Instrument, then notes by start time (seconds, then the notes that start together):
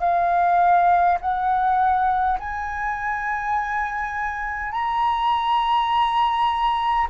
flute
0.00 F5
1.21 F#5
2.40 G#5
4.72 A#5